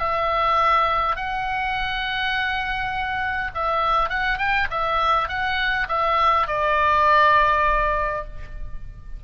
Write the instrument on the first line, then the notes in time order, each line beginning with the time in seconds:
oboe
0.00 E5
1.17 F#5
3.55 E5
4.10 F#5
4.39 G5
4.71 E5
5.29 F#5
5.89 E5
6.48 D5